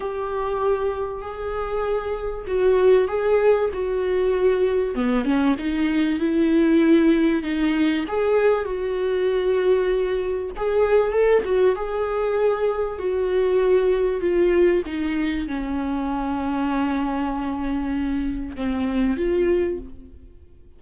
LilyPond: \new Staff \with { instrumentName = "viola" } { \time 4/4 \tempo 4 = 97 g'2 gis'2 | fis'4 gis'4 fis'2 | b8 cis'8 dis'4 e'2 | dis'4 gis'4 fis'2~ |
fis'4 gis'4 a'8 fis'8 gis'4~ | gis'4 fis'2 f'4 | dis'4 cis'2.~ | cis'2 c'4 f'4 | }